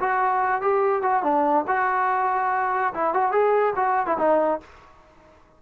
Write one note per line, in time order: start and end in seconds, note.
0.00 0.62 F#4
0.62 1.03 G4
1.03 1.23 F#4
1.23 1.65 D4
1.68 2.94 F#4
2.94 3.14 E4
3.14 3.32 F#4
3.32 3.74 G#4
3.76 4.07 F#4
4.07 4.17 E4
4.18 4.60 D#4